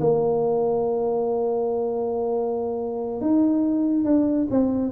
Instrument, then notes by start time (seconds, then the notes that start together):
tuba
0.00 A#3
3.21 D#4
4.04 D4
4.51 C4